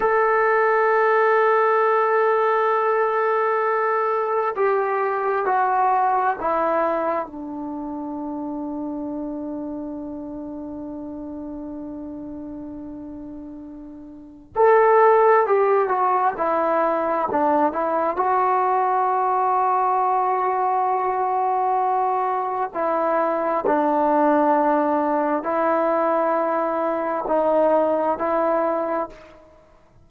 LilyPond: \new Staff \with { instrumentName = "trombone" } { \time 4/4 \tempo 4 = 66 a'1~ | a'4 g'4 fis'4 e'4 | d'1~ | d'1 |
a'4 g'8 fis'8 e'4 d'8 e'8 | fis'1~ | fis'4 e'4 d'2 | e'2 dis'4 e'4 | }